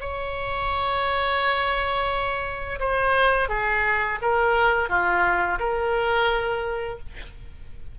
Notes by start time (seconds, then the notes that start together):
0.00 C#5
2.79 C5
3.49 G#4
4.21 A#4
4.89 F4
5.59 A#4